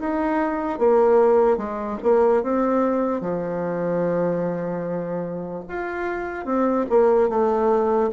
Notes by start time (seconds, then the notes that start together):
0.00 D#4
0.79 A#3
1.57 G#3
2.03 A#3
2.43 C4
3.21 F3
5.68 F4
6.45 C4
6.90 A#3
7.29 A3